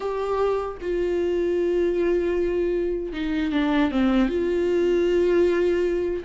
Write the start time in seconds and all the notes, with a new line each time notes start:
0.00 G4
0.81 F4
3.12 D#4
3.52 D4
3.91 C4
4.29 F4